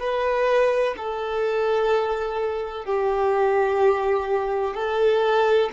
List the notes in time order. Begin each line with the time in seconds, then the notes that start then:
0.00 B4
0.97 A4
2.85 G4
4.74 A4